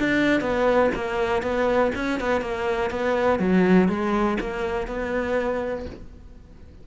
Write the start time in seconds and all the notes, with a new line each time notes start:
0.00 D4
0.41 B3
0.95 A#3
1.43 B3
1.96 C#4
2.20 B3
2.42 A#3
2.91 B3
3.40 F#3
3.89 G#3
4.41 A#3
4.88 B3